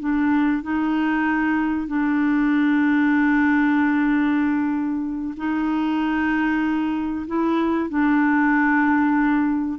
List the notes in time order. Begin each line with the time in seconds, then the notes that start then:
0.00 D4
0.63 D#4
1.88 D4
5.37 D#4
7.27 E4
7.90 D4